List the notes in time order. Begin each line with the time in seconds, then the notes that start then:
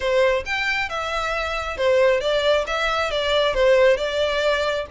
0.00 C5
0.45 G5
0.89 E5
1.77 C5
2.20 D5
2.67 E5
3.10 D5
3.54 C5
3.97 D5